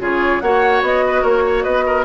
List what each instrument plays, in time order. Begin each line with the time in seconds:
0.00 bassoon C#3, clarinet F4, oboe G#4, flute C#5
0.41 bassoon A#3, clarinet F#4, oboe C#5, flute F#5
0.82 bassoon B3, flute D#5
1.07 oboe B4
1.21 bassoon A#3, oboe A#4, flute C#5
1.46 oboe C#5
1.63 bassoon B3, oboe B4, flute D#5
1.86 oboe A#4